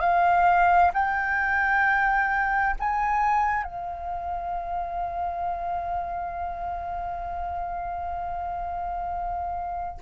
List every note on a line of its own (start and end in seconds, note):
0.00 0.91 F5
0.93 2.75 G5
2.79 3.64 G#5
3.64 10.00 F5